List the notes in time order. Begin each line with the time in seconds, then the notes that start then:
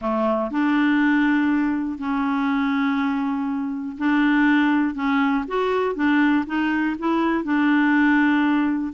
0.01 A3
0.50 D4
1.98 C#4
3.98 D4
4.95 C#4
5.47 F#4
5.95 D4
6.46 D#4
6.98 E4
7.44 D4